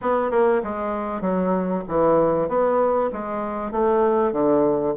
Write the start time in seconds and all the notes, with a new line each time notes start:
0.01 B3
0.30 A#3
0.63 G#3
1.21 F#3
1.88 E3
2.48 B3
3.12 G#3
3.71 A3
4.32 D3